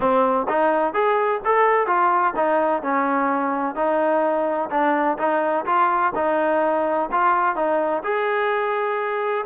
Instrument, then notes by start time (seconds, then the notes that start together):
trombone
0.00 C4
0.48 D#4
0.93 G#4
1.44 A4
1.86 F4
2.36 D#4
2.82 C#4
3.75 D#4
4.70 D4
5.18 D#4
5.65 F4
6.15 D#4
7.11 F4
7.55 D#4
8.03 G#4